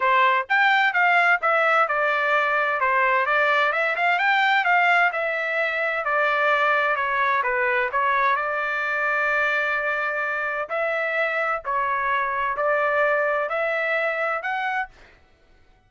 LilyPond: \new Staff \with { instrumentName = "trumpet" } { \time 4/4 \tempo 4 = 129 c''4 g''4 f''4 e''4 | d''2 c''4 d''4 | e''8 f''8 g''4 f''4 e''4~ | e''4 d''2 cis''4 |
b'4 cis''4 d''2~ | d''2. e''4~ | e''4 cis''2 d''4~ | d''4 e''2 fis''4 | }